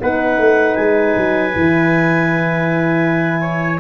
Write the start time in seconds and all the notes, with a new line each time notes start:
0.00 B3 D#4 B4 F#5
0.39 A3
0.76 G#3 G#5
1.17 F#3
1.53 E3 E4
3.42 C#5